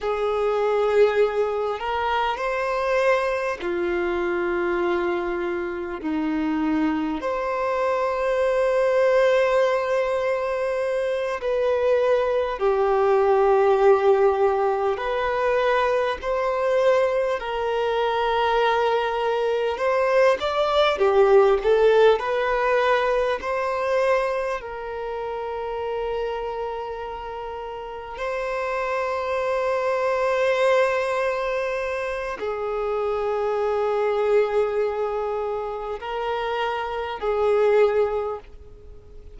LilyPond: \new Staff \with { instrumentName = "violin" } { \time 4/4 \tempo 4 = 50 gis'4. ais'8 c''4 f'4~ | f'4 dis'4 c''2~ | c''4. b'4 g'4.~ | g'8 b'4 c''4 ais'4.~ |
ais'8 c''8 d''8 g'8 a'8 b'4 c''8~ | c''8 ais'2. c''8~ | c''2. gis'4~ | gis'2 ais'4 gis'4 | }